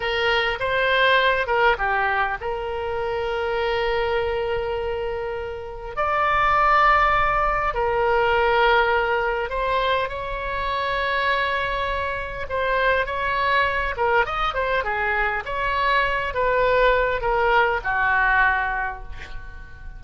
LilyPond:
\new Staff \with { instrumentName = "oboe" } { \time 4/4 \tempo 4 = 101 ais'4 c''4. ais'8 g'4 | ais'1~ | ais'2 d''2~ | d''4 ais'2. |
c''4 cis''2.~ | cis''4 c''4 cis''4. ais'8 | dis''8 c''8 gis'4 cis''4. b'8~ | b'4 ais'4 fis'2 | }